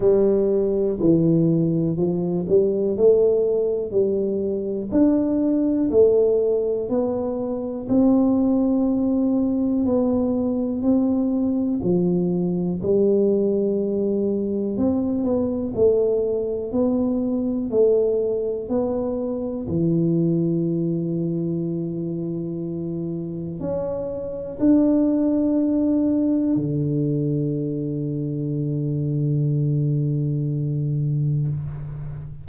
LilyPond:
\new Staff \with { instrumentName = "tuba" } { \time 4/4 \tempo 4 = 61 g4 e4 f8 g8 a4 | g4 d'4 a4 b4 | c'2 b4 c'4 | f4 g2 c'8 b8 |
a4 b4 a4 b4 | e1 | cis'4 d'2 d4~ | d1 | }